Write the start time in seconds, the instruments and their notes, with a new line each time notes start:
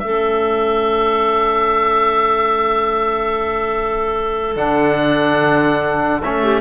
0.00 cello A3, trombone C#4, clarinet A4, oboe E5
4.56 cello D3, trombone D4, oboe F#5
6.22 cello A3, trombone C#4, oboe E5
6.43 clarinet G4